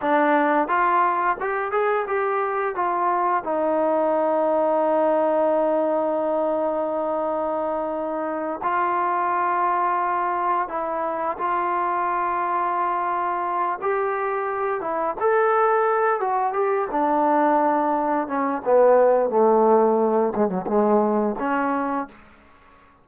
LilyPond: \new Staff \with { instrumentName = "trombone" } { \time 4/4 \tempo 4 = 87 d'4 f'4 g'8 gis'8 g'4 | f'4 dis'2.~ | dis'1~ | dis'8 f'2. e'8~ |
e'8 f'2.~ f'8 | g'4. e'8 a'4. fis'8 | g'8 d'2 cis'8 b4 | a4. gis16 fis16 gis4 cis'4 | }